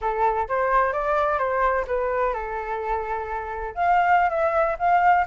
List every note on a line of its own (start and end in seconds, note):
0.01 0.48 A4
0.48 0.92 C5
0.92 1.38 D5
1.38 1.85 C5
1.87 2.33 B4
2.33 3.74 A4
3.75 4.29 F5
4.29 4.76 E5
4.79 5.25 F5